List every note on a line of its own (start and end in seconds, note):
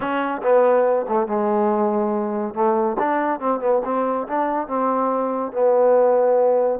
0.00 0.41 C#4
0.42 1.06 B3
1.08 1.27 A3
1.27 2.54 G#3
2.54 2.96 A3
2.98 3.39 D4
3.39 3.60 C4
3.60 3.81 B3
3.84 4.27 C4
4.27 4.67 D4
4.67 5.52 C4
5.52 6.79 B3